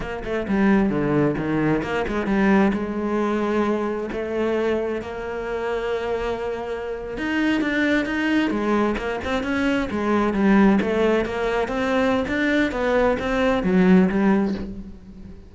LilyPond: \new Staff \with { instrumentName = "cello" } { \time 4/4 \tempo 4 = 132 ais8 a8 g4 d4 dis4 | ais8 gis8 g4 gis2~ | gis4 a2 ais4~ | ais2.~ ais8. dis'16~ |
dis'8. d'4 dis'4 gis4 ais16~ | ais16 c'8 cis'4 gis4 g4 a16~ | a8. ais4 c'4~ c'16 d'4 | b4 c'4 fis4 g4 | }